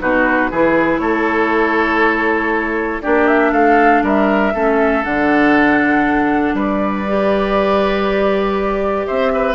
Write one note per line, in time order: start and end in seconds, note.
0.00 0.51 B2
0.00 0.50 D#4
0.00 0.51 F#4
0.00 0.99 B4
0.51 0.99 E3
0.51 3.03 E4
0.51 1.01 G#4
0.99 3.01 A3
0.99 3.03 A4
0.99 3.00 C#5
3.02 3.52 A#3
3.02 4.54 D4
3.02 3.52 G4
3.02 3.27 D5
3.28 3.53 E5
3.52 4.02 A3
3.52 4.03 A4
3.52 4.03 F5
4.03 4.53 G3
4.03 4.54 A#4
4.03 5.04 E5
4.54 5.05 A3
4.54 5.03 C#4
4.54 6.55 A4
5.03 6.54 D3
5.03 7.05 D4
5.03 6.55 F#5
6.54 9.06 G3
6.54 9.07 B4
6.54 9.07 D5
7.08 9.55 G4
9.07 9.55 C4
9.07 9.32 C5
9.07 9.55 E5
9.34 9.55 B4